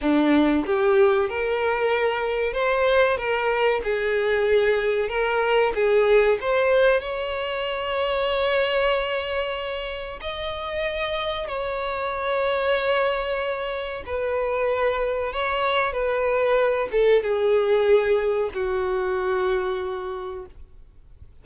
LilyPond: \new Staff \with { instrumentName = "violin" } { \time 4/4 \tempo 4 = 94 d'4 g'4 ais'2 | c''4 ais'4 gis'2 | ais'4 gis'4 c''4 cis''4~ | cis''1 |
dis''2 cis''2~ | cis''2 b'2 | cis''4 b'4. a'8 gis'4~ | gis'4 fis'2. | }